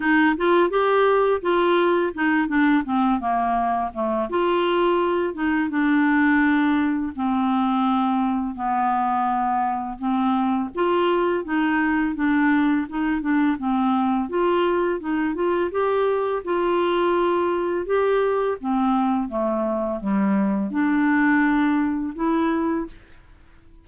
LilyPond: \new Staff \with { instrumentName = "clarinet" } { \time 4/4 \tempo 4 = 84 dis'8 f'8 g'4 f'4 dis'8 d'8 | c'8 ais4 a8 f'4. dis'8 | d'2 c'2 | b2 c'4 f'4 |
dis'4 d'4 dis'8 d'8 c'4 | f'4 dis'8 f'8 g'4 f'4~ | f'4 g'4 c'4 a4 | g4 d'2 e'4 | }